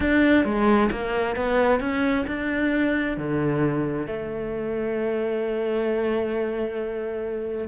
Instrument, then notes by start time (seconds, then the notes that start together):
cello
0.00 D4
0.44 G#3
0.91 A#3
1.36 B3
1.80 C#4
2.27 D4
3.17 D3
4.06 A3